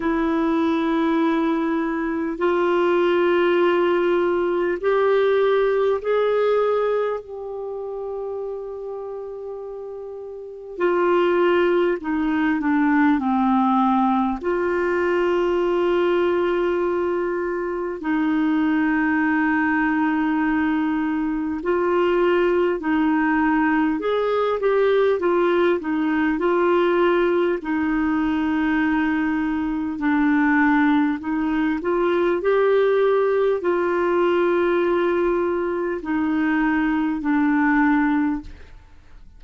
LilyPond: \new Staff \with { instrumentName = "clarinet" } { \time 4/4 \tempo 4 = 50 e'2 f'2 | g'4 gis'4 g'2~ | g'4 f'4 dis'8 d'8 c'4 | f'2. dis'4~ |
dis'2 f'4 dis'4 | gis'8 g'8 f'8 dis'8 f'4 dis'4~ | dis'4 d'4 dis'8 f'8 g'4 | f'2 dis'4 d'4 | }